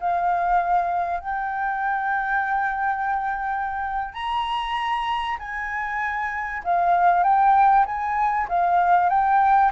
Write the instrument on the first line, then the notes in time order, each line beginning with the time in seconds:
flute
0.00 F5
1.20 G5
4.14 A#5
5.38 G#5
6.64 F5
7.23 G5
7.85 G#5
8.48 F5
9.09 G5